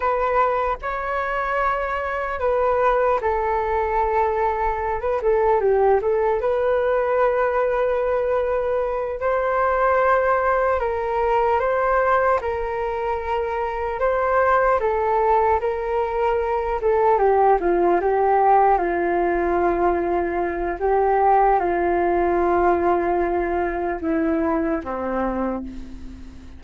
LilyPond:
\new Staff \with { instrumentName = "flute" } { \time 4/4 \tempo 4 = 75 b'4 cis''2 b'4 | a'2~ a'16 b'16 a'8 g'8 a'8 | b'2.~ b'8 c''8~ | c''4. ais'4 c''4 ais'8~ |
ais'4. c''4 a'4 ais'8~ | ais'4 a'8 g'8 f'8 g'4 f'8~ | f'2 g'4 f'4~ | f'2 e'4 c'4 | }